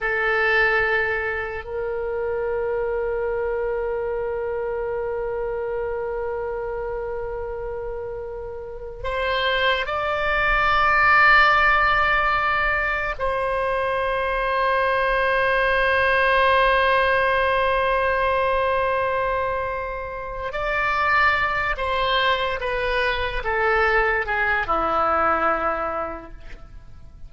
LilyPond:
\new Staff \with { instrumentName = "oboe" } { \time 4/4 \tempo 4 = 73 a'2 ais'2~ | ais'1~ | ais'2. c''4 | d''1 |
c''1~ | c''1~ | c''4 d''4. c''4 b'8~ | b'8 a'4 gis'8 e'2 | }